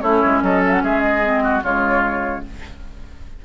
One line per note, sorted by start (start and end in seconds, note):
0.00 0.22 A3
0.00 1.23 C#4
0.00 0.43 E4
0.00 0.40 C#5
0.25 0.42 G#3
0.42 0.82 F#3
0.42 0.83 A4
0.42 0.62 D#5
0.66 0.72 E5
0.66 0.82 F#5
0.83 1.62 G#3
0.83 1.43 G#4
0.83 1.01 E5
1.01 1.61 D#5
1.23 1.61 C4
1.43 1.63 F#4
1.61 2.43 C#3
1.61 2.42 G#3
1.61 2.44 F4
1.61 2.44 C#5